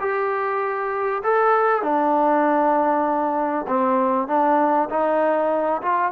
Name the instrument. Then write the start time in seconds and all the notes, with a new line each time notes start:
trombone
0.00 G4
1.23 A4
1.82 D4
3.67 C4
4.27 D4
4.90 D#4
5.82 F4